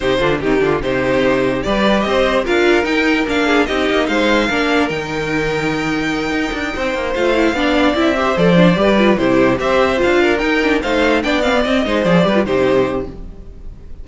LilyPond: <<
  \new Staff \with { instrumentName = "violin" } { \time 4/4 \tempo 4 = 147 c''4 g'4 c''2 | d''4 dis''4 f''4 g''4 | f''4 dis''4 f''2 | g''1~ |
g''4. f''2 e''8~ | e''8 d''2 c''4 e''8~ | e''8 f''4 g''4 f''4 g''8 | f''8 dis''4 d''4 c''4. | }
  \new Staff \with { instrumentName = "violin" } { \time 4/4 g'8 f'8 dis'8 f'8 g'2 | b'4 c''4 ais'2~ | ais'8 gis'8 g'4 c''4 ais'4~ | ais'1~ |
ais'8 c''2 d''4. | c''4. b'4 g'4 c''8~ | c''4 ais'4. c''4 d''8~ | d''4 c''4 b'8 g'4. | }
  \new Staff \with { instrumentName = "viola" } { \time 4/4 dis'8 d'8 c'8 d'8 dis'2 | g'2 f'4 dis'4 | d'4 dis'2 d'4 | dis'1~ |
dis'4. f'8 e'8 d'4 e'8 | g'8 a'8 d'8 g'8 f'8 e'4 g'8~ | g'8 f'4 dis'8 d'8 dis'4 d'8 | c'16 b16 c'8 dis'8 gis'8 g'16 f'16 dis'4. | }
  \new Staff \with { instrumentName = "cello" } { \time 4/4 c8 d8 dis8 d8 c2 | g4 c'4 d'4 dis'4 | ais4 c'8 ais8 gis4 ais4 | dis2.~ dis8 dis'8 |
d'8 c'8 ais8 a4 b4 c'8~ | c'8 f4 g4 c4 c'8~ | c'8 d'4 dis'4 a4 b8~ | b8 c'8 gis8 f8 g8 c4. | }
>>